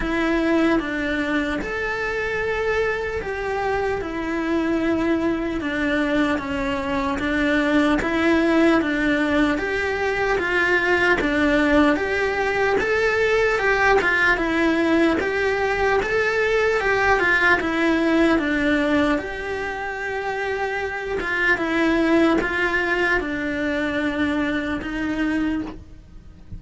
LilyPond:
\new Staff \with { instrumentName = "cello" } { \time 4/4 \tempo 4 = 75 e'4 d'4 a'2 | g'4 e'2 d'4 | cis'4 d'4 e'4 d'4 | g'4 f'4 d'4 g'4 |
a'4 g'8 f'8 e'4 g'4 | a'4 g'8 f'8 e'4 d'4 | g'2~ g'8 f'8 e'4 | f'4 d'2 dis'4 | }